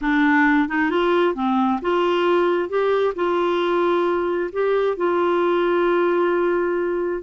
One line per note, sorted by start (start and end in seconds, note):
0.01 0.68 D4
0.68 0.90 D#4
0.90 1.34 F4
1.34 1.79 C4
1.81 2.69 F4
2.69 3.14 G4
3.15 4.50 F4
4.52 4.96 G4
4.96 7.22 F4